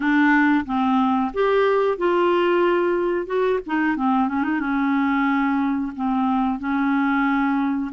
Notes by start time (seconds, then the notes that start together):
0.00 D4
0.65 C4
1.33 G4
1.97 F4
3.26 F#4
3.66 D#4
3.96 C4
4.28 C#4
4.43 D#4
4.60 C#4
5.95 C4
6.59 C#4